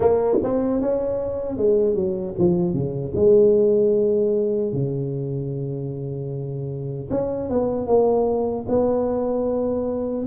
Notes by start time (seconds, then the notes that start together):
0.00 A#3
0.43 C4
0.81 C#4
1.57 G#3
1.95 F#3
2.38 F3
2.73 C#3
3.15 G#3
4.73 C#3
7.10 C#4
7.49 B3
7.87 A#3
8.68 B3